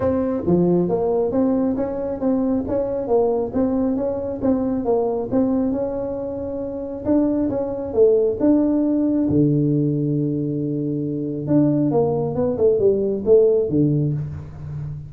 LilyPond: \new Staff \with { instrumentName = "tuba" } { \time 4/4 \tempo 4 = 136 c'4 f4 ais4 c'4 | cis'4 c'4 cis'4 ais4 | c'4 cis'4 c'4 ais4 | c'4 cis'2. |
d'4 cis'4 a4 d'4~ | d'4 d2.~ | d2 d'4 ais4 | b8 a8 g4 a4 d4 | }